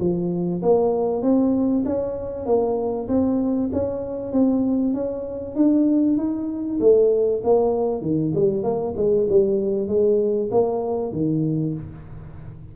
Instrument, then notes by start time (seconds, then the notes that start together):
tuba
0.00 F3
0.62 A#3
1.22 C4
1.86 C#4
2.46 A#3
3.08 C4
3.73 C#4
4.33 C4
4.94 C#4
5.56 D4
6.17 D#4
6.80 A3
7.44 A#3
8.02 D#3
8.35 G3
8.64 A#3
8.97 G#3
9.29 G3
9.88 G#3
10.51 A#3
11.12 D#3